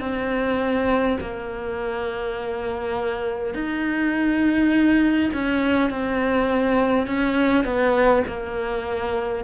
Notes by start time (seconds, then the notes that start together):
0.00 C4
1.21 A#3
3.55 D#4
5.33 C#4
5.90 C4
7.07 C#4
7.65 B3
8.27 A#3